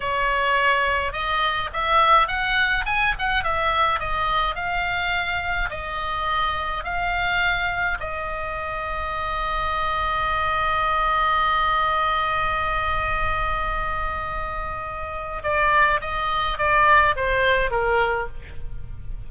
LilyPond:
\new Staff \with { instrumentName = "oboe" } { \time 4/4 \tempo 4 = 105 cis''2 dis''4 e''4 | fis''4 gis''8 fis''8 e''4 dis''4 | f''2 dis''2 | f''2 dis''2~ |
dis''1~ | dis''1~ | dis''2. d''4 | dis''4 d''4 c''4 ais'4 | }